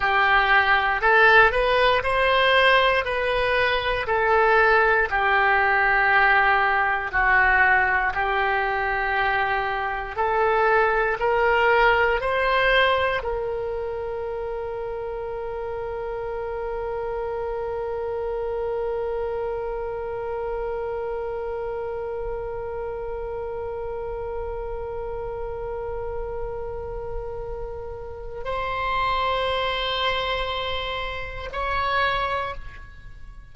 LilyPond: \new Staff \with { instrumentName = "oboe" } { \time 4/4 \tempo 4 = 59 g'4 a'8 b'8 c''4 b'4 | a'4 g'2 fis'4 | g'2 a'4 ais'4 | c''4 ais'2.~ |
ais'1~ | ais'1~ | ais'1 | c''2. cis''4 | }